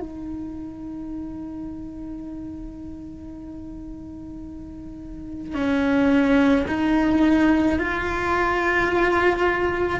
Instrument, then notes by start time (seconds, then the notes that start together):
cello
0.00 D#4
5.55 C#4
6.68 D#4
7.79 F4